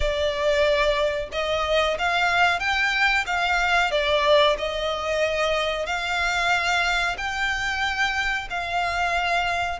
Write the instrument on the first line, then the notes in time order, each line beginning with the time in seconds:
violin
0.00 D5
1.32 D#5
1.98 F5
2.59 G5
3.26 F5
3.91 D5
4.58 D#5
5.85 F5
7.17 G5
8.50 F5